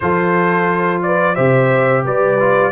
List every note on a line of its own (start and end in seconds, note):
0.00 1.37 F3
0.00 1.36 F4
0.00 1.04 A4
0.00 1.01 C5
1.02 1.34 B4
1.02 1.35 D5
1.34 2.05 C3
1.34 2.38 G4
1.34 2.03 C5
1.34 2.03 E5
2.04 2.71 G3
2.04 2.71 B4
2.04 2.71 D5
2.39 2.71 F4